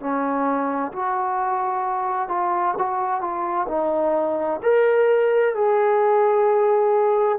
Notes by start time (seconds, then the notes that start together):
0.00 C#4
0.93 F#4
2.29 F4
2.78 F#4
3.21 F4
3.68 D#4
4.63 A#4
5.55 G#4